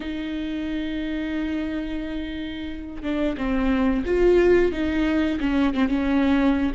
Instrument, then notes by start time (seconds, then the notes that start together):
viola
0.00 D#4
3.02 D4
3.37 C4
4.05 F4
4.72 D#4
5.40 C#4
5.73 C4
5.88 C#4